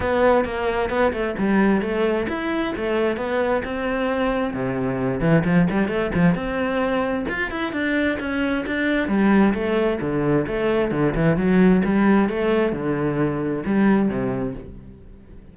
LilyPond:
\new Staff \with { instrumentName = "cello" } { \time 4/4 \tempo 4 = 132 b4 ais4 b8 a8 g4 | a4 e'4 a4 b4 | c'2 c4. e8 | f8 g8 a8 f8 c'2 |
f'8 e'8 d'4 cis'4 d'4 | g4 a4 d4 a4 | d8 e8 fis4 g4 a4 | d2 g4 c4 | }